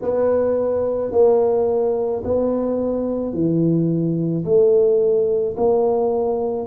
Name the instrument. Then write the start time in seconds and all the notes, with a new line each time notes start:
tuba
0.01 B3
1.11 A#3
2.24 B3
3.33 E3
4.44 A3
5.57 A#3